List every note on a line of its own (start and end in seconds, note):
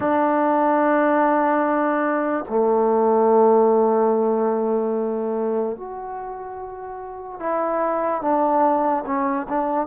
0.00 2.44 D4
2.48 5.76 A3
5.76 7.39 F#4
7.39 8.21 E4
8.21 9.03 D4
9.06 9.47 C#4
9.49 9.86 D4